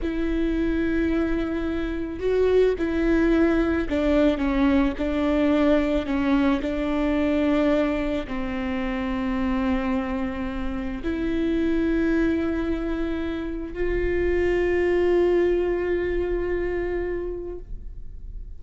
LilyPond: \new Staff \with { instrumentName = "viola" } { \time 4/4 \tempo 4 = 109 e'1 | fis'4 e'2 d'4 | cis'4 d'2 cis'4 | d'2. c'4~ |
c'1 | e'1~ | e'4 f'2.~ | f'1 | }